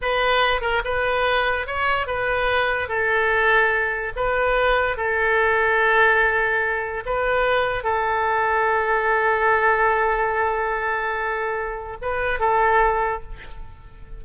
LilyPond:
\new Staff \with { instrumentName = "oboe" } { \time 4/4 \tempo 4 = 145 b'4. ais'8 b'2 | cis''4 b'2 a'4~ | a'2 b'2 | a'1~ |
a'4 b'2 a'4~ | a'1~ | a'1~ | a'4 b'4 a'2 | }